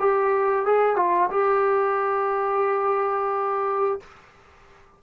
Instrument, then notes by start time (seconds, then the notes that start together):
trombone
0.00 G4
0.66 G#4
0.96 F4
1.31 G4